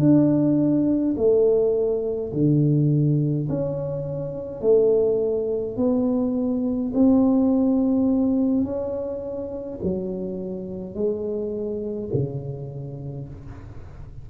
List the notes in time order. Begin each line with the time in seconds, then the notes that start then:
0.00 D4
1.17 A3
2.33 D3
3.49 C#4
4.62 A3
5.77 B3
6.94 C4
8.64 C#4
9.83 F#3
10.95 G#3
12.14 C#3